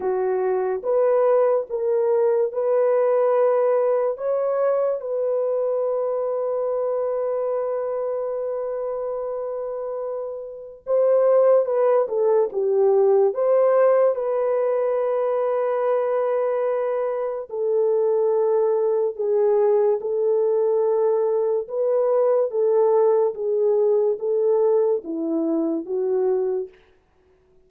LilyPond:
\new Staff \with { instrumentName = "horn" } { \time 4/4 \tempo 4 = 72 fis'4 b'4 ais'4 b'4~ | b'4 cis''4 b'2~ | b'1~ | b'4 c''4 b'8 a'8 g'4 |
c''4 b'2.~ | b'4 a'2 gis'4 | a'2 b'4 a'4 | gis'4 a'4 e'4 fis'4 | }